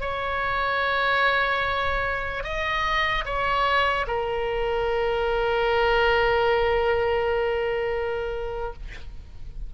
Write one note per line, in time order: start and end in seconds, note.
0.00 2.43 C#5
2.43 3.24 D#5
3.25 4.06 C#5
4.07 8.73 A#4